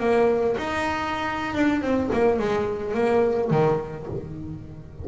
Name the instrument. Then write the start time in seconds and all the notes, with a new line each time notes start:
double bass
0.00 A#3
0.58 D#4
1.55 D4
1.82 C4
2.13 A#3
2.39 G#3
2.95 A#3
3.51 D#3